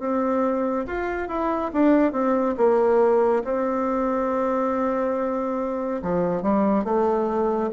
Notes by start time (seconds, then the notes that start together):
0.00 C4
0.87 F4
1.29 E4
1.73 D4
2.13 C4
2.58 A#3
3.45 C4
6.03 F3
6.42 G3
6.85 A3